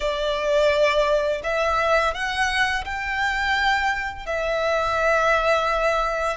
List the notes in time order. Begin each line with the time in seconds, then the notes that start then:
0.00 D5
1.43 E5
2.14 F#5
2.84 G5
4.25 E5